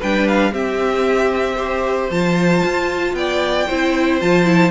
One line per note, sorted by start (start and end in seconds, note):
0.00 0.53 G3
0.00 0.53 D4
0.00 0.53 B4
0.00 0.28 G5
0.28 0.54 F5
0.53 1.57 C4
0.53 2.10 C4
0.53 1.56 G4
0.53 2.11 E5
1.56 2.10 G4
1.56 3.14 C5
2.10 2.63 F3
2.10 3.70 F4
2.10 3.15 A5
2.65 3.13 F4
3.13 3.66 B3
3.13 3.67 D5
3.13 4.21 G5
3.67 4.22 C4
3.67 4.21 E4
3.67 4.72 C5
4.21 4.72 F3
4.21 4.45 F4
4.21 4.72 A5
4.45 4.71 E4